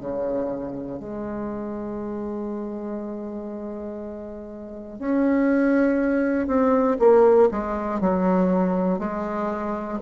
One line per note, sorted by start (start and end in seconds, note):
0.00 0.99 C#3
0.99 4.99 G#3
4.99 6.47 C#4
6.47 6.97 C4
6.99 7.49 A#3
7.50 8.00 G#3
8.00 8.99 F#3
8.99 9.99 G#3